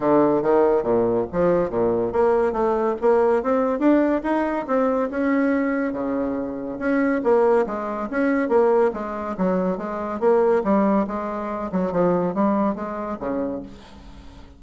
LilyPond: \new Staff \with { instrumentName = "bassoon" } { \time 4/4 \tempo 4 = 141 d4 dis4 ais,4 f4 | ais,4 ais4 a4 ais4 | c'4 d'4 dis'4 c'4 | cis'2 cis2 |
cis'4 ais4 gis4 cis'4 | ais4 gis4 fis4 gis4 | ais4 g4 gis4. fis8 | f4 g4 gis4 cis4 | }